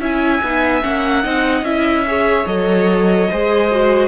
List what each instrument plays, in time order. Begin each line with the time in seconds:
0.00 cello C#4, viola E4, violin E5 G#5
0.43 cello B3, viola D#4
0.83 cello A#3, viola C#4, violin F#5
1.24 cello C4, viola D#4, violin D#5
1.63 cello C#4, viola E4, violin E5
2.07 viola G#4, violin C#5
2.47 cello F#3, viola A4, violin D#5
3.31 cello G#3, viola G#4, violin C5
3.72 viola F#4